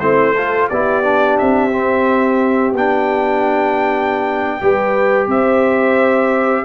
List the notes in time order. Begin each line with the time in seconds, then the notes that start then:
0.00 A3 C4 E4 C5
0.35 F4 A4
0.69 B3 E4 G4 D5
1.03 D4
1.38 C4 E5
1.71 C4
2.73 B3 D4 G5
4.61 G3 G4 B4
5.27 C4 C5 E5